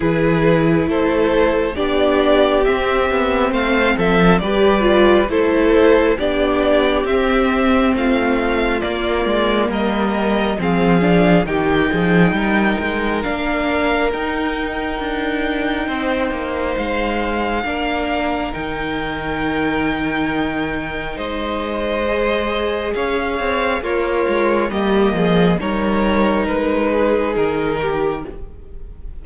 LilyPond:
<<
  \new Staff \with { instrumentName = "violin" } { \time 4/4 \tempo 4 = 68 b'4 c''4 d''4 e''4 | f''8 e''8 d''4 c''4 d''4 | e''4 f''4 d''4 dis''4 | f''4 g''2 f''4 |
g''2. f''4~ | f''4 g''2. | dis''2 f''4 cis''4 | dis''4 cis''4 b'4 ais'4 | }
  \new Staff \with { instrumentName = "violin" } { \time 4/4 gis'4 a'4 g'2 | c''8 a'8 b'4 a'4 g'4~ | g'4 f'2 ais'4 | gis'4 g'8 gis'8 ais'2~ |
ais'2 c''2 | ais'1 | c''2 cis''4 f'4 | g'8 gis'8 ais'4. gis'4 g'8 | }
  \new Staff \with { instrumentName = "viola" } { \time 4/4 e'2 d'4 c'4~ | c'4 g'8 f'8 e'4 d'4 | c'2 ais2 | c'8 d'8 dis'2 d'4 |
dis'1 | d'4 dis'2.~ | dis'4 gis'2 ais'4 | ais4 dis'2. | }
  \new Staff \with { instrumentName = "cello" } { \time 4/4 e4 a4 b4 c'8 b8 | a8 f8 g4 a4 b4 | c'4 a4 ais8 gis8 g4 | f4 dis8 f8 g8 gis8 ais4 |
dis'4 d'4 c'8 ais8 gis4 | ais4 dis2. | gis2 cis'8 c'8 ais8 gis8 | g8 f8 g4 gis4 dis4 | }
>>